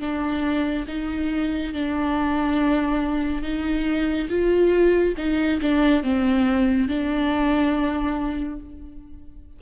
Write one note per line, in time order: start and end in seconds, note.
0.00 0.86 D4
0.88 1.74 D#4
1.74 3.43 D4
3.43 4.29 D#4
4.30 5.15 F4
5.18 5.61 D#4
5.62 6.04 D4
6.04 6.88 C4
6.88 8.60 D4